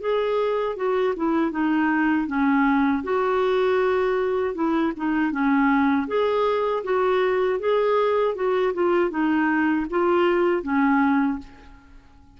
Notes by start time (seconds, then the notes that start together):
0.00 G#4
0.76 F#4
1.16 E4
1.51 D#4
2.27 C#4
3.03 F#4
4.54 E4
4.96 D#4
5.31 C#4
6.07 G#4
6.84 F#4
7.59 G#4
8.35 F#4
8.74 F4
9.10 D#4
9.90 F4
10.63 C#4